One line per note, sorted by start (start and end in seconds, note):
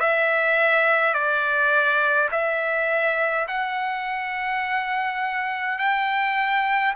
0.00 1.14 E5
1.14 2.29 D5
2.32 3.47 E5
3.48 5.78 F#5
5.78 6.94 G5